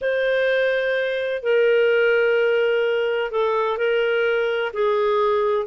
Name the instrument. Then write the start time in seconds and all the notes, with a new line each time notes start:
clarinet
0.01 C5
1.42 A#4
3.31 A4
3.77 A#4
4.73 G#4